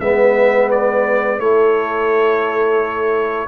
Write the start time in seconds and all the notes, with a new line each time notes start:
0.00 G#3 B3 B4 E5
0.71 D5
1.39 A3 E4 A4 C#5